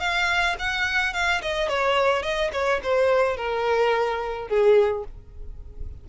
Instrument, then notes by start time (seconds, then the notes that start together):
violin
0.00 F5
0.59 F#5
1.13 F5
1.42 D#5
1.69 C#5
2.23 D#5
2.53 C#5
2.83 C5
3.37 A#4
4.48 G#4